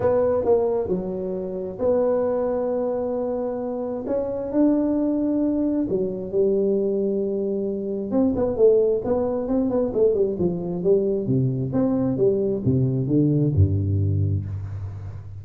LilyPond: \new Staff \with { instrumentName = "tuba" } { \time 4/4 \tempo 4 = 133 b4 ais4 fis2 | b1~ | b4 cis'4 d'2~ | d'4 fis4 g2~ |
g2 c'8 b8 a4 | b4 c'8 b8 a8 g8 f4 | g4 c4 c'4 g4 | c4 d4 g,2 | }